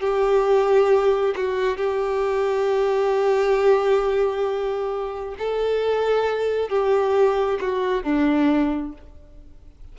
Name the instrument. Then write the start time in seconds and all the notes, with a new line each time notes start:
violin
0.00 G4
1.36 F#4
1.77 G4
5.38 A4
6.69 G4
7.60 F#4
8.03 D4